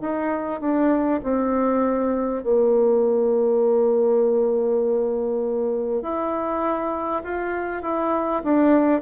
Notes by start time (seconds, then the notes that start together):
0.00 D#4
0.60 D4
1.23 C4
2.43 A#3
6.02 E4
7.24 F4
7.82 E4
8.44 D4